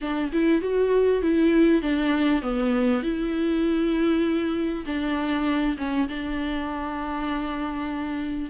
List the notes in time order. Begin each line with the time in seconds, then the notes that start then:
0.01 D4
0.32 E4
0.61 F#4
1.21 E4
1.82 D4
2.42 B3
3.02 E4
4.85 D4
5.77 C#4
6.08 D4